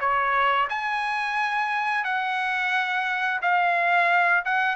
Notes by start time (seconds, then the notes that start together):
0.00 C#5
0.69 G#5
2.04 F#5
3.42 F5
4.45 F#5